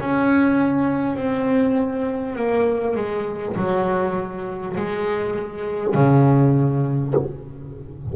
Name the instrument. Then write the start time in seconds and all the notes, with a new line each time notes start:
double bass
0.00 C#4
1.16 C4
2.36 A#3
2.96 G#3
3.56 F#3
4.77 G#3
5.95 C#3